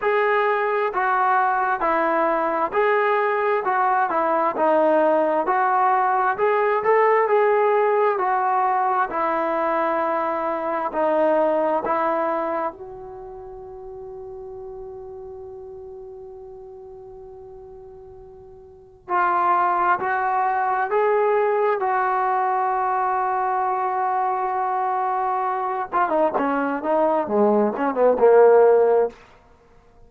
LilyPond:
\new Staff \with { instrumentName = "trombone" } { \time 4/4 \tempo 4 = 66 gis'4 fis'4 e'4 gis'4 | fis'8 e'8 dis'4 fis'4 gis'8 a'8 | gis'4 fis'4 e'2 | dis'4 e'4 fis'2~ |
fis'1~ | fis'4 f'4 fis'4 gis'4 | fis'1~ | fis'8 f'16 dis'16 cis'8 dis'8 gis8 cis'16 b16 ais4 | }